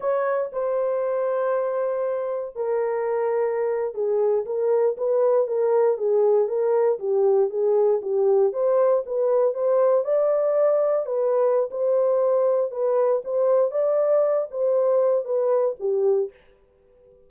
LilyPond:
\new Staff \with { instrumentName = "horn" } { \time 4/4 \tempo 4 = 118 cis''4 c''2.~ | c''4 ais'2~ ais'8. gis'16~ | gis'8. ais'4 b'4 ais'4 gis'16~ | gis'8. ais'4 g'4 gis'4 g'16~ |
g'8. c''4 b'4 c''4 d''16~ | d''4.~ d''16 b'4~ b'16 c''4~ | c''4 b'4 c''4 d''4~ | d''8 c''4. b'4 g'4 | }